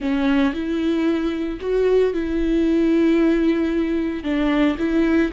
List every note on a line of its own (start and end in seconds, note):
0.00 0.53 C#4
0.53 1.59 E4
1.60 2.13 F#4
2.13 4.23 E4
4.23 4.76 D4
4.78 5.31 E4